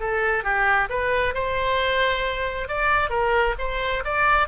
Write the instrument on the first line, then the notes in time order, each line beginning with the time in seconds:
oboe
0.00 A4
0.44 G4
0.90 B4
1.35 C5
2.68 D5
3.10 A#4
3.59 C5
4.05 D5